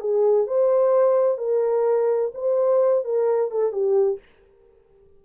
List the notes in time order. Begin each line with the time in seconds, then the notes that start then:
0.00 G#4
0.47 C5
1.38 A#4
2.34 C5
3.04 A#4
3.51 A4
3.72 G4